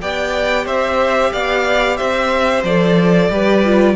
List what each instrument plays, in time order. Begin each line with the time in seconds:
0.00 cello B3, viola G4, violin D5 G5
0.65 cello C4, violin C5 E5
1.32 cello B3, violin D5 F5
1.97 cello C4, violin C5 E5
2.63 cello F3, viola A4, violin D5
3.30 cello G3, viola G4, violin B4
3.64 viola F4